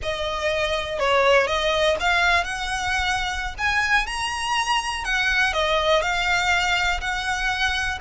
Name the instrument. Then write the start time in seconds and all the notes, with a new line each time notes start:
violin
0.02 D#5
0.99 C#5
1.47 D#5
2.00 F5
2.44 F#5
3.58 G#5
4.06 A#5
5.04 F#5
5.53 D#5
6.02 F5
7.00 F#5